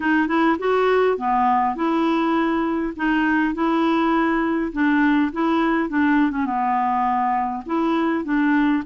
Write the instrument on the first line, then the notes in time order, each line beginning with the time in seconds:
clarinet
0.00 D#4
0.27 E4
0.58 F#4
1.17 B3
1.75 E4
2.96 D#4
3.54 E4
4.72 D4
5.32 E4
5.89 D4
6.30 C#4
6.45 B3
7.66 E4
8.24 D4